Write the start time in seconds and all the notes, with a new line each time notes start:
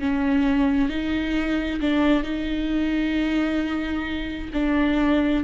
0.00 C#4
0.89 D#4
1.81 D4
2.24 D#4
4.54 D4